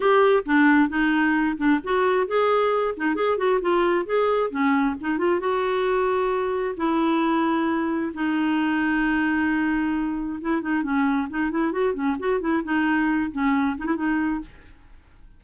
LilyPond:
\new Staff \with { instrumentName = "clarinet" } { \time 4/4 \tempo 4 = 133 g'4 d'4 dis'4. d'8 | fis'4 gis'4. dis'8 gis'8 fis'8 | f'4 gis'4 cis'4 dis'8 f'8 | fis'2. e'4~ |
e'2 dis'2~ | dis'2. e'8 dis'8 | cis'4 dis'8 e'8 fis'8 cis'8 fis'8 e'8 | dis'4. cis'4 dis'16 e'16 dis'4 | }